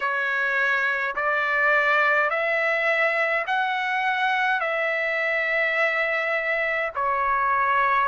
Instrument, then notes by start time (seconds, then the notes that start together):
trumpet
0.00 C#5
1.15 D5
2.30 E5
3.46 F#5
4.60 E5
6.95 C#5